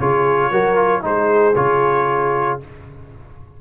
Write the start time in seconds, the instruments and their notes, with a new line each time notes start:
0.00 tuba C#3, trombone F4, horn G#4, trumpet C#5
0.51 tuba F#3, trombone F#4, horn A#4
0.75 trombone F4
1.02 tuba G#3, trombone D#4, horn G#4, trumpet C5
1.56 tuba C#3, trombone F4, trumpet C#5